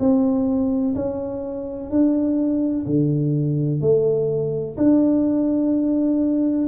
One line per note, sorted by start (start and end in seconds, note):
0.00 0.95 C4
0.95 1.90 C#4
1.90 2.86 D4
2.86 3.81 D3
3.81 4.76 A3
4.77 6.68 D4